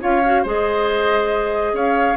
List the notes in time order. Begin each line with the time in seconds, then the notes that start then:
0.00 C#4 F4 C#5 F5
0.24 F#4
0.42 G#3 G#4 C5 D#5
1.72 C#4 C#5 F5